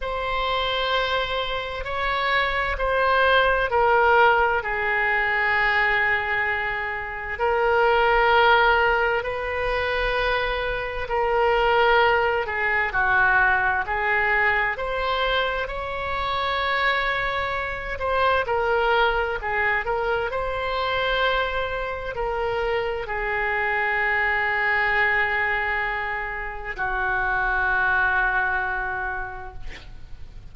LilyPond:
\new Staff \with { instrumentName = "oboe" } { \time 4/4 \tempo 4 = 65 c''2 cis''4 c''4 | ais'4 gis'2. | ais'2 b'2 | ais'4. gis'8 fis'4 gis'4 |
c''4 cis''2~ cis''8 c''8 | ais'4 gis'8 ais'8 c''2 | ais'4 gis'2.~ | gis'4 fis'2. | }